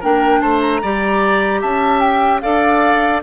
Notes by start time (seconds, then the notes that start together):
0.00 A#3 D4 A#4 G5
0.41 A3 C5 A5
0.61 A#5
0.82 G3 G4 D5
1.61 C#4 E5 A5
2.00 G5
2.41 D4 A4 D5 F5